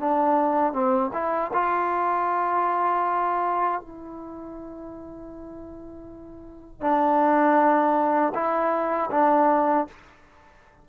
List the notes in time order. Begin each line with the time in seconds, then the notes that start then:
0.00 D4
0.73 C4
1.14 E4
1.54 F4
3.81 E4
6.81 D4
8.34 E4
9.11 D4